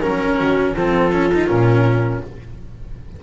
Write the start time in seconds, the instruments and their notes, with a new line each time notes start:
0.00 double bass F#3, cello C#4, viola A#4, oboe A#4
0.37 double bass D#3, viola F#4
0.74 double bass F3, cello C4, viola F4, oboe A4
1.12 cello C#4
1.33 cello D#4
1.47 double bass A#2, cello C#4, oboe A#4